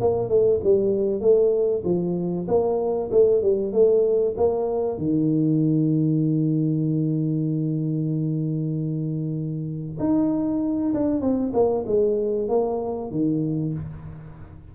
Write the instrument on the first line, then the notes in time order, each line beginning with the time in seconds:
tuba
0.00 A#3
0.29 A3
0.63 G3
1.20 A3
1.84 F3
2.48 A#3
3.11 A3
3.42 G3
3.73 A3
4.37 A#3
4.97 D#3
9.99 D#4
10.94 D4
11.21 C4
11.53 A#3
11.86 G#3
12.49 A#3
13.11 D#3